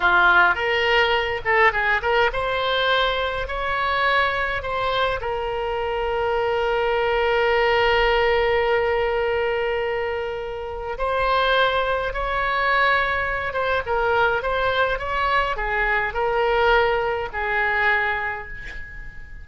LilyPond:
\new Staff \with { instrumentName = "oboe" } { \time 4/4 \tempo 4 = 104 f'4 ais'4. a'8 gis'8 ais'8 | c''2 cis''2 | c''4 ais'2.~ | ais'1~ |
ais'2. c''4~ | c''4 cis''2~ cis''8 c''8 | ais'4 c''4 cis''4 gis'4 | ais'2 gis'2 | }